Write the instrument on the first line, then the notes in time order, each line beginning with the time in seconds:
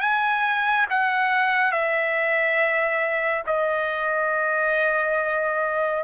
trumpet
0.00 G#5
0.90 F#5
1.71 E5
3.46 D#5